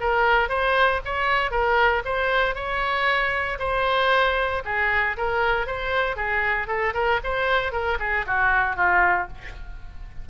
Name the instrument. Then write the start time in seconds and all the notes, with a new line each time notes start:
oboe
0.00 A#4
0.49 C5
1.05 C#5
1.50 A#4
2.05 C5
2.54 C#5
3.59 C5
4.65 G#4
5.17 A#4
5.66 C5
6.16 G#4
6.67 A4
6.93 A#4
7.24 C5
7.72 A#4
7.99 G#4
8.26 F#4
8.76 F4